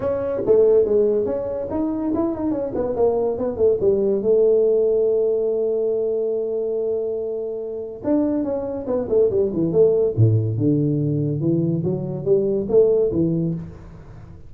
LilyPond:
\new Staff \with { instrumentName = "tuba" } { \time 4/4 \tempo 4 = 142 cis'4 a4 gis4 cis'4 | dis'4 e'8 dis'8 cis'8 b8 ais4 | b8 a8 g4 a2~ | a1~ |
a2. d'4 | cis'4 b8 a8 g8 e8 a4 | a,4 d2 e4 | fis4 g4 a4 e4 | }